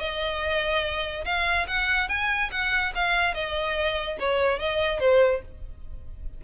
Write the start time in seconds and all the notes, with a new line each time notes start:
0.00 D#5
1.25 F5
1.68 F#5
2.09 G#5
2.52 F#5
2.95 F5
3.35 D#5
4.20 C#5
4.59 D#5
5.00 C5